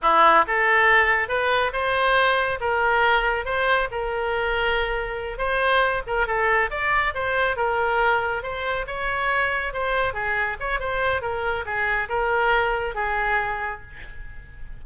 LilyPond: \new Staff \with { instrumentName = "oboe" } { \time 4/4 \tempo 4 = 139 e'4 a'2 b'4 | c''2 ais'2 | c''4 ais'2.~ | ais'8 c''4. ais'8 a'4 d''8~ |
d''8 c''4 ais'2 c''8~ | c''8 cis''2 c''4 gis'8~ | gis'8 cis''8 c''4 ais'4 gis'4 | ais'2 gis'2 | }